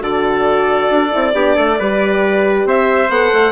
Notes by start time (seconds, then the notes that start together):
0.00 D3 F#4 A4 D5
0.90 D4
1.12 C4 E4
1.34 B3 D4 G4
1.56 A3 A4
1.79 G3 G4 B4
2.65 C4 C5 E5
3.09 B3 A4 F#5
3.34 A3